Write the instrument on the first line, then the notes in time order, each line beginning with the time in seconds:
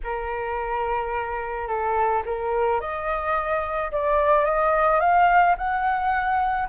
flute
0.03 A#4
1.67 A4
2.25 A#4
2.80 D#5
3.91 D5
4.44 D#5
5.00 F5
5.57 F#5